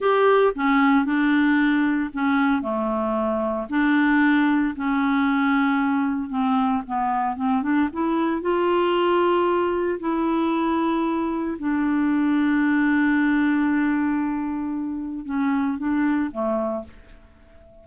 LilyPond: \new Staff \with { instrumentName = "clarinet" } { \time 4/4 \tempo 4 = 114 g'4 cis'4 d'2 | cis'4 a2 d'4~ | d'4 cis'2. | c'4 b4 c'8 d'8 e'4 |
f'2. e'4~ | e'2 d'2~ | d'1~ | d'4 cis'4 d'4 a4 | }